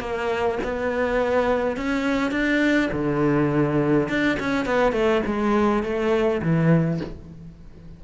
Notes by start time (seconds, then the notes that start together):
0.00 A#3
0.64 B3
1.77 C#4
2.31 D4
2.92 D3
4.09 D4
4.40 C#4
4.66 B3
4.92 A3
5.26 G#3
5.83 A3
6.42 E3